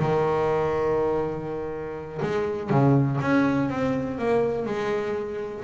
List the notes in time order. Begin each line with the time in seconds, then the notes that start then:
0.00 D#3
2.22 G#3
2.70 C#3
3.21 C#4
3.70 C4
4.18 A#3
4.66 G#3